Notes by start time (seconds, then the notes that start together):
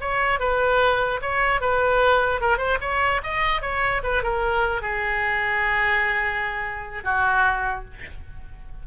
0.00 C#5
0.39 B4
1.21 C#5
1.61 B4
2.41 A#4
2.57 C5
2.80 C#5
3.23 D#5
3.61 C#5
4.03 B4
4.22 A#4
4.81 G#4
7.04 F#4